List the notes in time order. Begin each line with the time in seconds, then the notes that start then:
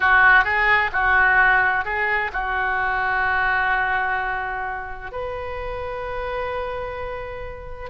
0.00 F#4
0.44 G#4
0.92 F#4
1.84 G#4
2.33 F#4
5.11 B4